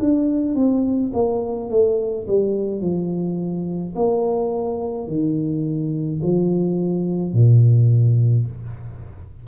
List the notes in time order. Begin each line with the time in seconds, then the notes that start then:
0.00 D4
0.56 C4
1.14 A#3
1.70 A3
2.28 G3
2.81 F3
3.96 A#3
5.08 D#3
6.23 F3
7.33 A#2